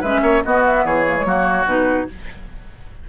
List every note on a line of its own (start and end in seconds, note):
0.00 0.22 G#3
0.00 0.44 C#4
0.00 0.20 B4
0.00 0.43 E5
0.22 0.42 A#3
0.22 0.43 C#5
0.43 1.06 B3
0.43 0.84 B3
0.43 0.85 F#4
0.43 0.64 D#5
0.65 0.85 E5
0.84 1.24 E3
0.84 1.26 G#4
0.84 1.67 C#5
1.08 1.16 A#3
1.16 1.25 G#3
1.24 1.65 F#3
1.24 1.66 A#3
1.24 2.09 F#4
1.65 2.06 B2
1.65 2.08 D#4
1.65 2.08 B4